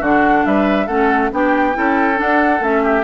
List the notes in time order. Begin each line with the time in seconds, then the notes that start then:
0.00 D3 D4 F#4 F#5
0.45 G3 B4 E5
0.86 A3 C#4 A4 F#5
1.32 B3 D4 G4 G5
1.74 C#4 E4 A4
2.15 D4 F#5
2.60 A3 C#4 E5
2.83 G4